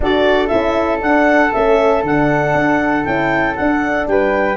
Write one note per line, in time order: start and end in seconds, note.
0.00 0.50 D4
0.00 0.49 F#4
0.00 4.09 A4
0.00 0.47 D5
0.47 1.00 C#4
0.47 1.00 E4
0.47 0.98 E5
1.00 1.51 D4
1.00 1.52 F#5
1.52 2.03 A3
1.52 2.05 C#4
1.52 2.03 E5
2.03 2.54 D3
2.03 3.05 D4
2.03 3.04 F#5
2.54 3.05 D4
3.04 3.57 C#4
3.04 3.56 E4
3.04 3.55 G5
3.55 4.07 D4
3.55 4.56 D4
3.55 4.06 F#5
4.07 4.56 G3
4.07 4.56 B4
4.07 4.56 G5